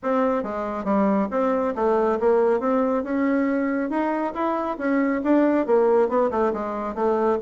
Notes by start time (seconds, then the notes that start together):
0.03 C4
0.43 G#3
0.84 G3
1.30 C4
1.75 A3
2.20 A#3
2.60 C4
3.03 C#4
3.90 D#4
4.34 E4
4.77 C#4
5.23 D4
5.66 A#3
6.08 B3
6.30 A3
6.53 G#3
6.94 A3